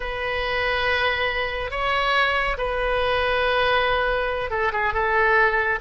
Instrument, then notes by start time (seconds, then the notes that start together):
oboe
0.00 B4
1.70 C#5
2.57 B4
4.50 A4
4.72 G#4
4.93 A4